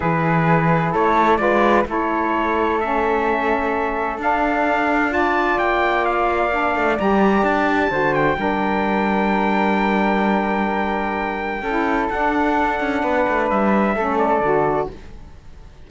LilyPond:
<<
  \new Staff \with { instrumentName = "trumpet" } { \time 4/4 \tempo 4 = 129 b'2 cis''4 d''4 | cis''2 e''2~ | e''4 f''2 a''4 | g''4 f''2 ais''4 |
a''4. g''2~ g''8~ | g''1~ | g''2 fis''2~ | fis''4 e''4. d''4. | }
  \new Staff \with { instrumentName = "flute" } { \time 4/4 gis'2 a'4 b'4 | a'1~ | a'2. d''4~ | d''1~ |
d''4 c''4 ais'2~ | ais'1~ | ais'4 a'2. | b'2 a'2 | }
  \new Staff \with { instrumentName = "saxophone" } { \time 4/4 e'2. f'4 | e'2 cis'2~ | cis'4 d'2 f'4~ | f'2 d'4 g'4~ |
g'4 fis'4 d'2~ | d'1~ | d'4 e'4 d'2~ | d'2 cis'4 fis'4 | }
  \new Staff \with { instrumentName = "cello" } { \time 4/4 e2 a4 gis4 | a1~ | a4 d'2. | ais2~ ais8 a8 g4 |
d'4 d4 g2~ | g1~ | g4 cis'4 d'4. cis'8 | b8 a8 g4 a4 d4 | }
>>